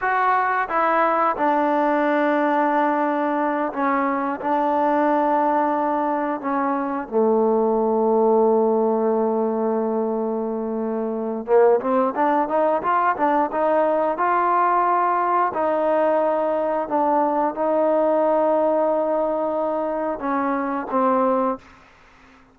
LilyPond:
\new Staff \with { instrumentName = "trombone" } { \time 4/4 \tempo 4 = 89 fis'4 e'4 d'2~ | d'4. cis'4 d'4.~ | d'4. cis'4 a4.~ | a1~ |
a4 ais8 c'8 d'8 dis'8 f'8 d'8 | dis'4 f'2 dis'4~ | dis'4 d'4 dis'2~ | dis'2 cis'4 c'4 | }